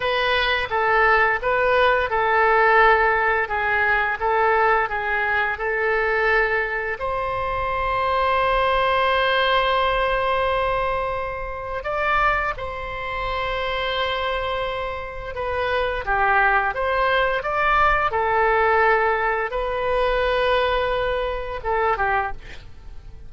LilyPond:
\new Staff \with { instrumentName = "oboe" } { \time 4/4 \tempo 4 = 86 b'4 a'4 b'4 a'4~ | a'4 gis'4 a'4 gis'4 | a'2 c''2~ | c''1~ |
c''4 d''4 c''2~ | c''2 b'4 g'4 | c''4 d''4 a'2 | b'2. a'8 g'8 | }